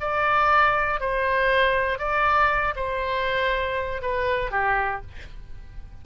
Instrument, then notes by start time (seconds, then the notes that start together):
oboe
0.00 D5
1.00 C5
1.98 D5
2.76 C5
4.02 B4
4.51 G4